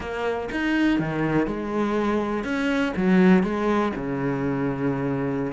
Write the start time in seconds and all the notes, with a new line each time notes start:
0.00 A#3
0.51 D#4
0.99 D#3
1.46 G#3
2.43 C#4
2.96 F#3
3.43 G#3
3.96 C#3